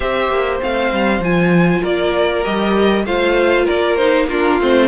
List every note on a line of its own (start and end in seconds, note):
0.00 0.29 C4
0.00 0.59 G4
0.00 1.81 C5
0.00 0.60 E5
0.29 0.59 A#3
0.59 0.92 A3
0.59 1.20 C4
0.59 1.23 F5
0.92 1.19 G3
1.19 1.80 F3
1.19 2.43 F4
1.19 1.84 G#5
1.81 2.45 A#3
1.81 3.04 A#4
1.81 2.44 D5
2.43 3.05 G3
2.43 3.04 G4
2.43 3.05 D#5
3.05 3.66 A3
3.05 3.98 F4
3.05 3.65 C5
3.05 3.66 F5
3.65 4.60 A#3
3.65 4.26 A#4
3.65 3.96 D5
3.96 4.29 D#4
3.96 4.26 C5
4.28 4.60 D4
4.28 4.87 F4
4.28 4.60 A#4
4.60 4.87 A3
4.60 4.87 C4
4.60 4.87 C5